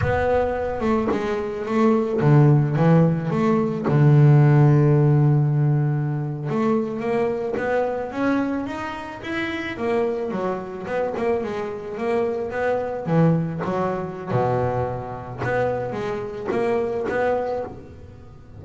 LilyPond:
\new Staff \with { instrumentName = "double bass" } { \time 4/4 \tempo 4 = 109 b4. a8 gis4 a4 | d4 e4 a4 d4~ | d2.~ d8. a16~ | a8. ais4 b4 cis'4 dis'16~ |
dis'8. e'4 ais4 fis4 b16~ | b16 ais8 gis4 ais4 b4 e16~ | e8. fis4~ fis16 b,2 | b4 gis4 ais4 b4 | }